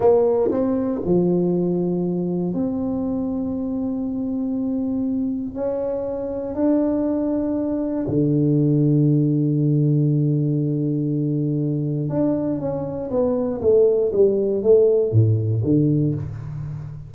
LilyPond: \new Staff \with { instrumentName = "tuba" } { \time 4/4 \tempo 4 = 119 ais4 c'4 f2~ | f4 c'2.~ | c'2. cis'4~ | cis'4 d'2. |
d1~ | d1 | d'4 cis'4 b4 a4 | g4 a4 a,4 d4 | }